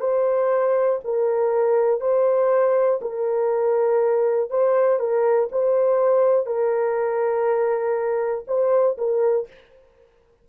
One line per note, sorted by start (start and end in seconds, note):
0.00 0.99 C5
1.04 2.00 A#4
2.00 2.99 C5
3.01 4.50 A#4
4.50 4.99 C5
4.99 5.49 A#4
5.52 6.46 C5
6.46 8.44 A#4
8.47 8.97 C5
8.97 9.47 A#4